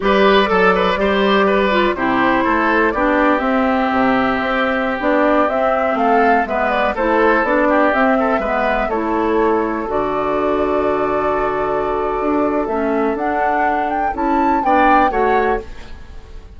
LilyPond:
<<
  \new Staff \with { instrumentName = "flute" } { \time 4/4 \tempo 4 = 123 d''1 | c''2 d''4 e''4~ | e''2~ e''16 d''4 e''8.~ | e''16 f''4 e''8 d''8 c''4 d''8.~ |
d''16 e''2 cis''4.~ cis''16~ | cis''16 d''2.~ d''8.~ | d''2 e''4 fis''4~ | fis''8 g''8 a''4 g''4 fis''4 | }
  \new Staff \with { instrumentName = "oboe" } { \time 4/4 b'4 a'8 b'8 c''4 b'4 | g'4 a'4 g'2~ | g'1~ | g'16 a'4 b'4 a'4. g'16~ |
g'8. a'8 b'4 a'4.~ a'16~ | a'1~ | a'1~ | a'2 d''4 cis''4 | }
  \new Staff \with { instrumentName = "clarinet" } { \time 4/4 g'4 a'4 g'4. f'8 | e'2 d'4 c'4~ | c'2~ c'16 d'4 c'8.~ | c'4~ c'16 b4 e'4 d'8.~ |
d'16 c'4 b4 e'4.~ e'16~ | e'16 fis'2.~ fis'8.~ | fis'2 cis'4 d'4~ | d'4 e'4 d'4 fis'4 | }
  \new Staff \with { instrumentName = "bassoon" } { \time 4/4 g4 fis4 g2 | c4 a4 b4 c'4 | c4 c'4~ c'16 b4 c'8.~ | c'16 a4 gis4 a4 b8.~ |
b16 c'4 gis4 a4.~ a16~ | a16 d2.~ d8.~ | d4 d'4 a4 d'4~ | d'4 cis'4 b4 a4 | }
>>